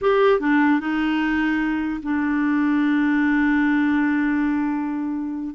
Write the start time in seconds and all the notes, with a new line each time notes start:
0.01 G4
0.40 D4
0.79 D#4
2.02 D4